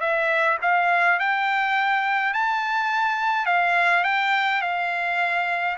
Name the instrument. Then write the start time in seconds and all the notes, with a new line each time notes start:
trumpet
0.00 E5
0.62 F5
1.19 G5
2.33 A5
3.46 F5
4.04 G5
4.62 F5